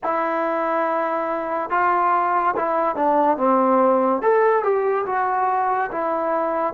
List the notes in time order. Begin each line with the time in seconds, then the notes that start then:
0.03 E4
1.70 F4
2.55 E4
2.95 D4
3.37 C4
4.22 A4
4.62 G4
5.06 F#4
5.91 E4